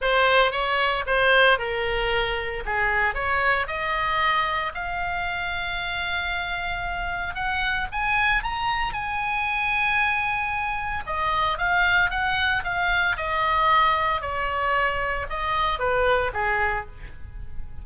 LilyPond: \new Staff \with { instrumentName = "oboe" } { \time 4/4 \tempo 4 = 114 c''4 cis''4 c''4 ais'4~ | ais'4 gis'4 cis''4 dis''4~ | dis''4 f''2.~ | f''2 fis''4 gis''4 |
ais''4 gis''2.~ | gis''4 dis''4 f''4 fis''4 | f''4 dis''2 cis''4~ | cis''4 dis''4 b'4 gis'4 | }